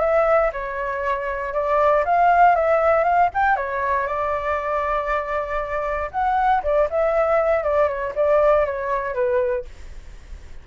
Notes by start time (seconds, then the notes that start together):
0.00 E5
0.52 C#5
1.53 D5
2.05 F5
2.55 E5
3.03 F5
3.34 G5
3.56 C#5
4.07 D5
6.11 F#5
6.62 D5
6.90 E5
7.63 D5
7.88 C#5
8.15 D5
8.66 C#5
9.14 B4